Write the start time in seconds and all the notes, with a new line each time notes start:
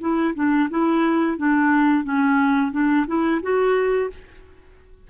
0.00 E4
0.35 D4
0.70 E4
1.37 D4
2.04 C#4
2.71 D4
3.07 E4
3.42 F#4